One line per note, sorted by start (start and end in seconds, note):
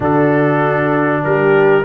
0.00 1.23 D3
0.00 1.84 D4
0.00 1.24 F#4
0.00 1.23 A4
1.23 1.84 G3
1.23 1.84 G4
1.23 1.84 A#4